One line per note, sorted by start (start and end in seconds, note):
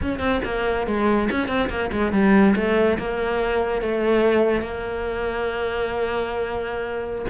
0.01 0.19 C#4
0.19 0.40 C4
0.44 0.86 A#3
0.86 1.29 G#3
1.30 1.48 C#4
1.48 1.69 C4
1.69 1.90 A#3
1.92 2.12 G#3
2.12 2.54 G3
2.55 2.98 A3
2.98 3.81 A#3
3.81 4.61 A3
4.61 7.25 A#3